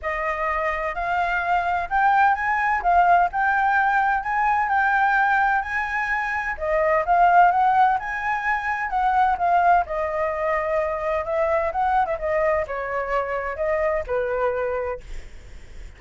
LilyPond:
\new Staff \with { instrumentName = "flute" } { \time 4/4 \tempo 4 = 128 dis''2 f''2 | g''4 gis''4 f''4 g''4~ | g''4 gis''4 g''2 | gis''2 dis''4 f''4 |
fis''4 gis''2 fis''4 | f''4 dis''2. | e''4 fis''8. e''16 dis''4 cis''4~ | cis''4 dis''4 b'2 | }